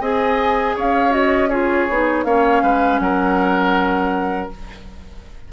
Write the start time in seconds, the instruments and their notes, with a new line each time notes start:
0.00 bassoon C4, clarinet G#4, oboe D#5, flute G#5
0.76 bassoon C#4, oboe C#5, flute F5
1.10 clarinet F#4, flute D#5
1.49 clarinet F4, oboe G#4, flute C#5
1.89 bassoon B3, clarinet D#4
2.24 bassoon A#3, clarinet C#4, oboe C#5, flute F5
2.63 bassoon G#3, oboe B4
2.99 bassoon F#3, oboe A#4, flute F#5